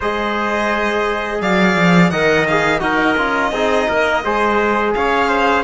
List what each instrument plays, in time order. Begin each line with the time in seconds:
0.00 cello G#3, trombone G#4, trumpet C5, violin D#5
1.41 cello F#3, trumpet D5, violin F5
1.76 cello F3
2.10 cello D#3, trombone A#4, trumpet D#5, violin F#5
2.47 trombone G#4, violin F5
2.79 cello D#4, trombone F#4, trumpet A#4, violin D#5
3.17 cello C#4, trombone F4
3.51 cello C4, trombone D#4, trumpet G#4
3.88 cello A#3, trumpet A#4
4.24 cello G#3, trombone G#4, trumpet C5
4.94 cello C#4, trumpet C#5, violin F5
5.28 trumpet C5